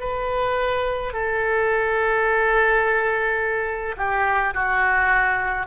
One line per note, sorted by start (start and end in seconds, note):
0.00 1.13 B4
1.13 3.96 A4
3.97 4.53 G4
4.54 5.67 F#4